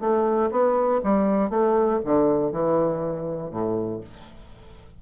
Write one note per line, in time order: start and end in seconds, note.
0.00 0.50 A3
0.51 1.01 B3
1.03 1.49 G3
1.49 1.99 A3
2.05 2.52 D3
2.52 3.50 E3
3.50 4.00 A2